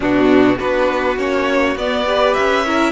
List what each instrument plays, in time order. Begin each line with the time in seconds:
0.00 cello B2, viola B3, violin D4 F#4
0.58 cello B3, viola D4, violin F#4 B4
1.17 cello A#3, viola C#4, violin C#5
1.75 cello B3, viola B3, violin D5
2.06 viola G4, violin B4
2.34 cello C#4, violin E5
2.65 viola E4, violin A#4